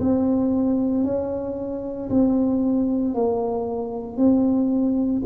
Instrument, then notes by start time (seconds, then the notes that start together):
tuba
0.00 C4
1.04 C#4
2.10 C4
3.14 A#3
4.17 C4